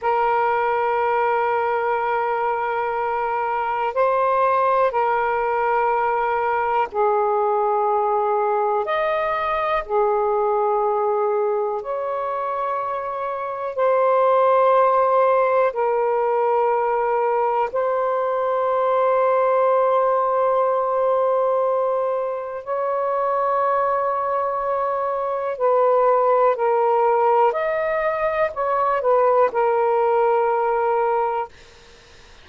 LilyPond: \new Staff \with { instrumentName = "saxophone" } { \time 4/4 \tempo 4 = 61 ais'1 | c''4 ais'2 gis'4~ | gis'4 dis''4 gis'2 | cis''2 c''2 |
ais'2 c''2~ | c''2. cis''4~ | cis''2 b'4 ais'4 | dis''4 cis''8 b'8 ais'2 | }